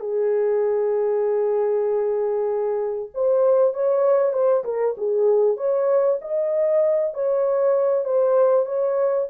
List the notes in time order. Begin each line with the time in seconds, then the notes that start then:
0.00 G#4
3.14 C5
3.74 C#5
4.33 C5
4.64 A#4
4.97 G#4
5.57 C#5
6.21 D#5
7.14 C#5
8.05 C5
8.66 C#5